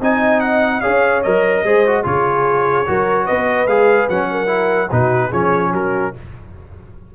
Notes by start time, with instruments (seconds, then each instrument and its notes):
0.00 tuba C4, trombone D#4, horn D#5, trumpet G#5
0.40 trumpet F#5
0.80 tuba C#4, trombone G#4, horn C#5, trumpet F5
1.22 tuba F#3, trombone A#4, trumpet D#5
1.63 tuba G#3, trombone G#4, horn C5
1.86 trombone F#4
2.03 tuba C#3, trombone F4, horn G#4, trumpet C#5
2.86 tuba F#3, trombone F#4, horn A#4
3.25 tuba B3, horn B4, trumpet D#5
3.66 tuba G#3, trombone G#4, trumpet F5
4.09 tuba F#3, trombone C#4, trumpet F#5
4.30 horn A#4
4.46 trombone E4
4.89 tuba B2, trombone D#4, horn F#4, trumpet B4
5.29 tuba F3, trombone C#4, horn G#4, trumpet C#5
5.72 tuba F#3, horn F#4, trumpet A#4